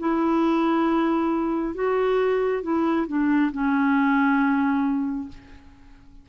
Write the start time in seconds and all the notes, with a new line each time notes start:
0.00 E4
1.75 F#4
2.63 E4
3.08 D4
3.53 C#4